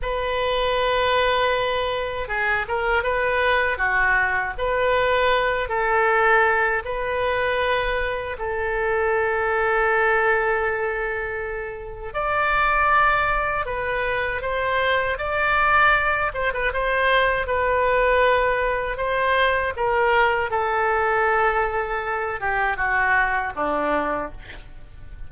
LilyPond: \new Staff \with { instrumentName = "oboe" } { \time 4/4 \tempo 4 = 79 b'2. gis'8 ais'8 | b'4 fis'4 b'4. a'8~ | a'4 b'2 a'4~ | a'1 |
d''2 b'4 c''4 | d''4. c''16 b'16 c''4 b'4~ | b'4 c''4 ais'4 a'4~ | a'4. g'8 fis'4 d'4 | }